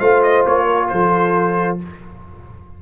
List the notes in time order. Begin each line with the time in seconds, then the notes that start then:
0.00 A3 F4 C5 F5
0.23 D#5
0.46 A#3 C#5
0.66 A#4
0.89 F3 A4 C5